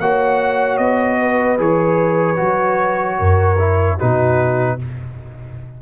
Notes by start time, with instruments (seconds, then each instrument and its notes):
0.00 tuba A#3, trombone F#4, horn C#5, trumpet F#5
0.78 tuba B3, trumpet D#5
1.20 horn B4
1.58 tuba E3, trombone G#4, trumpet C#5
2.37 tuba F#3, trombone F#4
3.19 tuba F#2, horn A#4
3.59 trombone E4
3.98 tuba B2, trombone D#4, horn F#4, trumpet B4